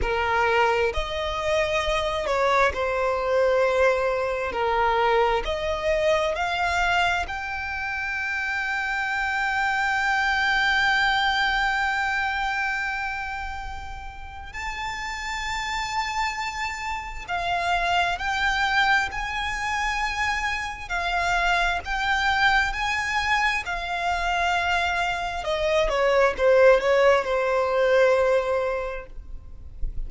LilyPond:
\new Staff \with { instrumentName = "violin" } { \time 4/4 \tempo 4 = 66 ais'4 dis''4. cis''8 c''4~ | c''4 ais'4 dis''4 f''4 | g''1~ | g''1 |
a''2. f''4 | g''4 gis''2 f''4 | g''4 gis''4 f''2 | dis''8 cis''8 c''8 cis''8 c''2 | }